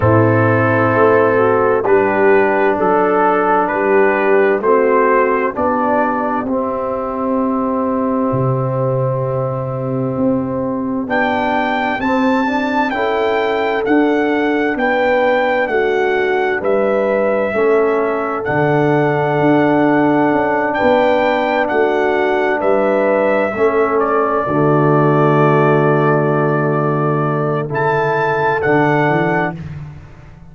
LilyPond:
<<
  \new Staff \with { instrumentName = "trumpet" } { \time 4/4 \tempo 4 = 65 a'2 b'4 a'4 | b'4 c''4 d''4 e''4~ | e''1 | g''4 a''4 g''4 fis''4 |
g''4 fis''4 e''2 | fis''2~ fis''8 g''4 fis''8~ | fis''8 e''4. d''2~ | d''2 a''4 fis''4 | }
  \new Staff \with { instrumentName = "horn" } { \time 4/4 e'4. fis'8 g'4 a'4 | g'4 fis'4 g'2~ | g'1~ | g'2 a'2 |
b'4 fis'4 b'4 a'4~ | a'2~ a'8 b'4 fis'8~ | fis'8 b'4 a'4 fis'4.~ | fis'2 a'2 | }
  \new Staff \with { instrumentName = "trombone" } { \time 4/4 c'2 d'2~ | d'4 c'4 d'4 c'4~ | c'1 | d'4 c'8 d'8 e'4 d'4~ |
d'2. cis'4 | d'1~ | d'4. cis'4 a4.~ | a2 e'4 d'4 | }
  \new Staff \with { instrumentName = "tuba" } { \time 4/4 a,4 a4 g4 fis4 | g4 a4 b4 c'4~ | c'4 c2 c'4 | b4 c'4 cis'4 d'4 |
b4 a4 g4 a4 | d4 d'4 cis'8 b4 a8~ | a8 g4 a4 d4.~ | d2 cis4 d8 e8 | }
>>